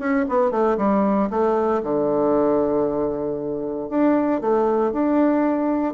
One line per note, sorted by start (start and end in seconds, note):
0.00 0.26 C#4
0.29 0.51 B3
0.51 0.77 A3
0.78 1.30 G3
1.30 1.82 A3
1.83 3.90 D3
3.90 4.42 D4
4.42 4.93 A3
4.93 5.94 D4